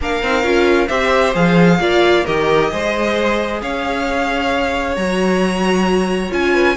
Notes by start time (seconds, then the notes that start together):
0.00 A#3 D4 A#4 F5
0.22 C4 D#4
0.43 C#4 F4
0.87 C4 G4 C5 E5
1.34 F3 G#4 F5
1.79 A#3 F4 D5
2.24 D#3 G4 A#4 D#5
2.70 G#3 G#4 C5
3.61 C#4 C#5 F5
4.96 F#3 F#4 A#5
6.30 C#4 F4 G#5
6.53 B4